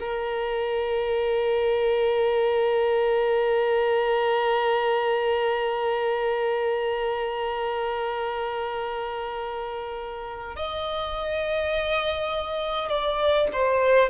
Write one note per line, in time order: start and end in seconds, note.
0.00 10.56 A#4
10.56 12.89 D#5
12.89 13.48 D5
13.53 14.10 C5